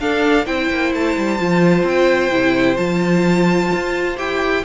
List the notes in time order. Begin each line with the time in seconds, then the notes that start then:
0.00 D4 A4 F5
0.46 C4 E4 C5 G5
0.71 A#3
0.94 A3 A5
1.17 G3
1.40 F3 F4
1.83 C4 G5
2.31 C3 E4
2.76 F3 F4 A5
3.74 F4
4.18 E4 G4 G5